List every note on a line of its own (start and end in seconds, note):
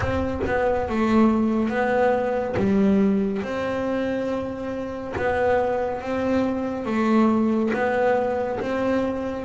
0.00 0.41 C4
0.46 0.88 B3
0.88 1.69 A3
1.69 2.55 B3
2.56 3.42 G3
3.42 5.14 C4
5.16 6.01 B3
6.01 6.85 C4
6.85 7.71 A3
7.73 8.59 B3
8.59 9.44 C4